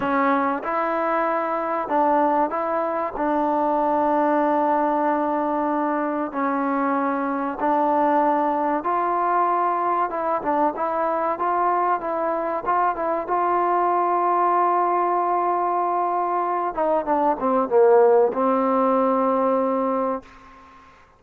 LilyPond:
\new Staff \with { instrumentName = "trombone" } { \time 4/4 \tempo 4 = 95 cis'4 e'2 d'4 | e'4 d'2.~ | d'2 cis'2 | d'2 f'2 |
e'8 d'8 e'4 f'4 e'4 | f'8 e'8 f'2.~ | f'2~ f'8 dis'8 d'8 c'8 | ais4 c'2. | }